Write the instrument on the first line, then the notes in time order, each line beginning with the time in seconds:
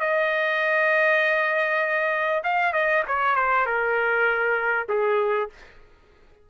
trumpet
0.00 D#5
2.43 F5
2.73 D#5
3.07 C#5
3.36 C5
3.66 A#4
4.89 G#4